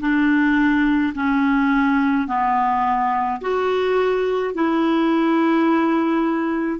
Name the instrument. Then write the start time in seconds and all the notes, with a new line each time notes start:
clarinet
0.00 D4
1.15 C#4
2.27 B3
3.41 F#4
4.54 E4